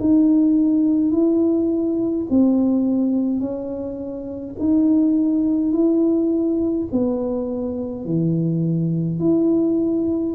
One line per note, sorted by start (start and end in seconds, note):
0.00 1.11 D#4
1.11 2.27 E4
2.30 3.40 C4
3.40 4.55 C#4
4.59 5.72 D#4
5.72 6.88 E4
6.92 8.05 B3
8.05 9.19 E3
9.19 10.35 E4